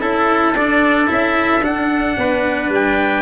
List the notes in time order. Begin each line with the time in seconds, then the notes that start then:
0.00 C#4 E4 A4
0.54 D4 D5
1.07 C#4 E4 E5
1.62 D4 F#5
2.17 B3 B4
2.69 G3 G5